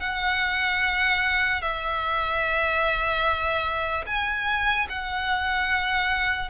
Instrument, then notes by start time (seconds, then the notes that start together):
violin
0.00 F#5
1.61 E5
4.06 G#5
4.89 F#5